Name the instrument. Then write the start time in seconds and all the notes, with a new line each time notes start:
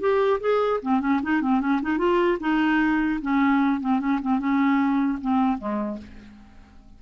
clarinet
0.00 G4
0.40 G#4
0.82 C4
1.01 C#4
1.23 D#4
1.42 C4
1.61 C#4
1.82 D#4
1.98 F4
2.40 D#4
3.21 C#4
3.80 C4
3.99 C#4
4.21 C4
4.39 C#4
5.21 C4
5.58 G#3